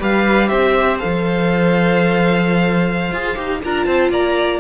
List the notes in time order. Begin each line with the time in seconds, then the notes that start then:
0.00 G3 G4 B4 F5
0.48 C4 C5 E5
0.99 F3 A4 F5
3.12 F4 G#4
3.36 D#4 G4
3.64 D4 F4 A#4 A#5
3.85 C4 C5 A5
4.10 A#3 D5 A#5